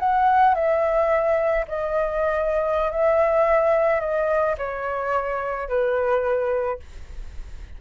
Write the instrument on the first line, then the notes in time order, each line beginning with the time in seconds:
flute
0.00 F#5
0.55 E5
1.68 D#5
2.92 E5
4.01 D#5
4.58 C#5
5.69 B4